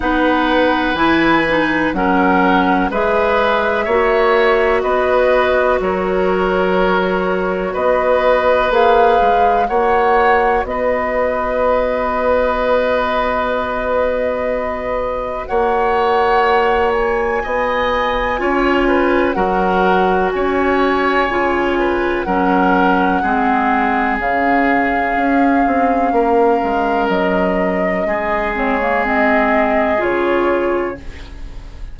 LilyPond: <<
  \new Staff \with { instrumentName = "flute" } { \time 4/4 \tempo 4 = 62 fis''4 gis''4 fis''4 e''4~ | e''4 dis''4 cis''2 | dis''4 f''4 fis''4 dis''4~ | dis''1 |
fis''4. gis''2~ gis''8 | fis''4 gis''2 fis''4~ | fis''4 f''2. | dis''4. cis''8 dis''4 cis''4 | }
  \new Staff \with { instrumentName = "oboe" } { \time 4/4 b'2 ais'4 b'4 | cis''4 b'4 ais'2 | b'2 cis''4 b'4~ | b'1 |
cis''2 dis''4 cis''8 b'8 | ais'4 cis''4. b'8 ais'4 | gis'2. ais'4~ | ais'4 gis'2. | }
  \new Staff \with { instrumentName = "clarinet" } { \time 4/4 dis'4 e'8 dis'8 cis'4 gis'4 | fis'1~ | fis'4 gis'4 fis'2~ | fis'1~ |
fis'2. f'4 | fis'2 f'4 cis'4 | c'4 cis'2.~ | cis'4. c'16 ais16 c'4 f'4 | }
  \new Staff \with { instrumentName = "bassoon" } { \time 4/4 b4 e4 fis4 gis4 | ais4 b4 fis2 | b4 ais8 gis8 ais4 b4~ | b1 |
ais2 b4 cis'4 | fis4 cis'4 cis4 fis4 | gis4 cis4 cis'8 c'8 ais8 gis8 | fis4 gis2 cis4 | }
>>